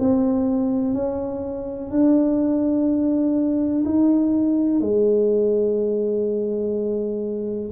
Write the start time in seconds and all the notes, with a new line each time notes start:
0.00 C4
0.94 C#4
1.91 D4
3.85 D#4
4.81 G#3